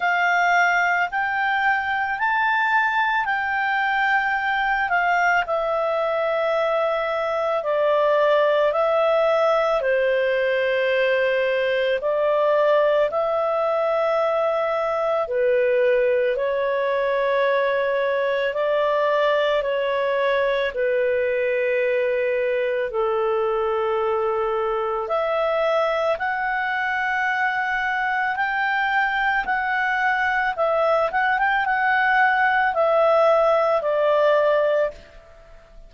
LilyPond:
\new Staff \with { instrumentName = "clarinet" } { \time 4/4 \tempo 4 = 55 f''4 g''4 a''4 g''4~ | g''8 f''8 e''2 d''4 | e''4 c''2 d''4 | e''2 b'4 cis''4~ |
cis''4 d''4 cis''4 b'4~ | b'4 a'2 e''4 | fis''2 g''4 fis''4 | e''8 fis''16 g''16 fis''4 e''4 d''4 | }